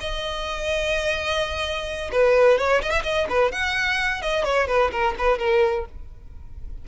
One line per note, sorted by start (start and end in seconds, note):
0.00 2.11 D#5
2.11 2.58 B4
2.58 2.81 C#5
2.82 2.90 D#5
2.90 3.02 E5
3.03 3.27 D#5
3.29 3.51 B4
3.51 4.21 F#5
4.21 4.44 D#5
4.44 4.67 C#5
4.67 4.91 B4
4.91 5.15 A#4
5.18 5.38 B4
5.38 5.85 A#4